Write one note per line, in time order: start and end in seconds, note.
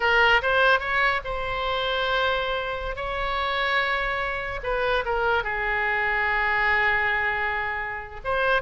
0.00 0.41 A#4
0.42 0.79 C5
0.79 1.20 C#5
1.24 2.96 C5
2.96 4.60 C#5
4.63 5.04 B4
5.05 5.43 A#4
5.43 8.21 G#4
8.24 8.62 C5